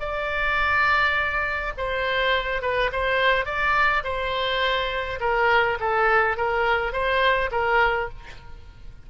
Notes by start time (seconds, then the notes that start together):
0.00 D5
1.78 C5
2.62 B4
2.92 C5
3.45 D5
4.04 C5
5.20 A#4
5.80 A4
6.37 A#4
6.93 C5
7.51 A#4